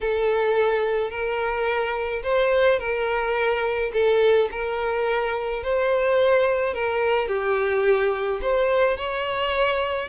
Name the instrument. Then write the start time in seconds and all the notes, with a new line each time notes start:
violin
0.00 A4
1.10 A#4
2.23 C5
2.79 A#4
3.93 A4
4.51 A#4
5.63 C5
6.74 A#4
7.28 G4
8.41 C5
8.97 C#5